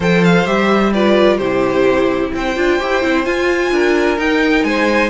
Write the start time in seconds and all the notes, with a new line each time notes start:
0.00 F3 A4 C5 G5
0.24 F5
0.45 G3 G4 E5
0.93 F4 B4 D5
1.37 C3 E4 G4 C5
2.33 C4 C5 G5
2.56 D4 F4
2.79 E4 G4
3.02 C4 E4
3.25 F4 G#5
3.71 D4 A#4
4.17 D#4 G5
4.63 G#3 C5 G#5